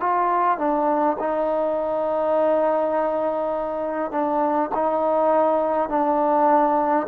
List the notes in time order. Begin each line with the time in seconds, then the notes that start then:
0.00 F4
0.58 D4
1.20 D#4
4.11 D4
4.75 D#4
5.89 D4